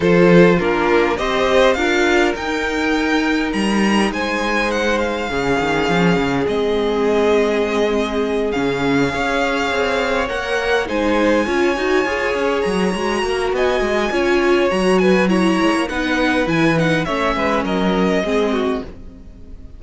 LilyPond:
<<
  \new Staff \with { instrumentName = "violin" } { \time 4/4 \tempo 4 = 102 c''4 ais'4 dis''4 f''4 | g''2 ais''4 gis''4 | fis''8 f''2~ f''8 dis''4~ | dis''2~ dis''8 f''4.~ |
f''4. fis''4 gis''4.~ | gis''4. ais''4. gis''4~ | gis''4 ais''8 gis''8 ais''4 fis''4 | gis''8 fis''8 e''4 dis''2 | }
  \new Staff \with { instrumentName = "violin" } { \time 4/4 a'4 f'4 c''4 ais'4~ | ais'2. c''4~ | c''4 gis'2.~ | gis'2.~ gis'8 cis''8~ |
cis''2~ cis''8 c''4 cis''8~ | cis''2~ cis''8 ais'8 dis''4 | cis''4. b'8 cis''4 b'4~ | b'4 cis''8 b'8 ais'4 gis'8 fis'8 | }
  \new Staff \with { instrumentName = "viola" } { \time 4/4 f'4 d'4 g'4 f'4 | dis'1~ | dis'4 cis'2 c'4~ | c'2~ c'8 cis'4 gis'8~ |
gis'4. ais'4 dis'4 f'8 | fis'8 gis'4. fis'2 | f'4 fis'4 e'4 dis'4 | e'8 dis'8 cis'2 c'4 | }
  \new Staff \with { instrumentName = "cello" } { \time 4/4 f4 ais4 c'4 d'4 | dis'2 g4 gis4~ | gis4 cis8 dis8 f8 cis8 gis4~ | gis2~ gis8 cis4 cis'8~ |
cis'8 c'4 ais4 gis4 cis'8 | dis'8 f'8 cis'8 fis8 gis8 ais8 b8 gis8 | cis'4 fis4. gis16 ais16 b4 | e4 a8 gis8 fis4 gis4 | }
>>